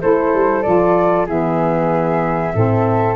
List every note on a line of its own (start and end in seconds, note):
0.00 0.34 A3
0.00 0.63 E4
0.00 1.26 A4
0.00 0.62 C5
0.34 0.65 G3
0.62 1.27 F3
0.62 1.27 F4
0.62 1.25 D5
1.26 2.53 E3
1.26 2.54 B3
1.26 2.52 G#4
1.26 3.15 E5
2.54 3.15 A2
2.54 3.15 C4
2.54 3.15 A4